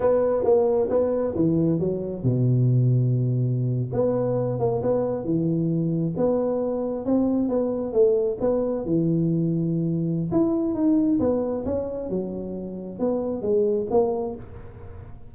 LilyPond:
\new Staff \with { instrumentName = "tuba" } { \time 4/4 \tempo 4 = 134 b4 ais4 b4 e4 | fis4 b,2.~ | b,8. b4. ais8 b4 e16~ | e4.~ e16 b2 c'16~ |
c'8. b4 a4 b4 e16~ | e2. e'4 | dis'4 b4 cis'4 fis4~ | fis4 b4 gis4 ais4 | }